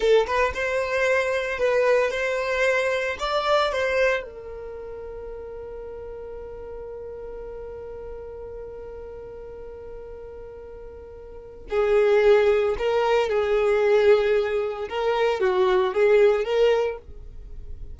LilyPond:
\new Staff \with { instrumentName = "violin" } { \time 4/4 \tempo 4 = 113 a'8 b'8 c''2 b'4 | c''2 d''4 c''4 | ais'1~ | ais'1~ |
ais'1~ | ais'2 gis'2 | ais'4 gis'2. | ais'4 fis'4 gis'4 ais'4 | }